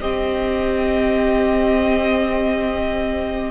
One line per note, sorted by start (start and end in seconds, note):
0.00 3.51 C4
0.00 3.51 G4
0.00 3.51 D#5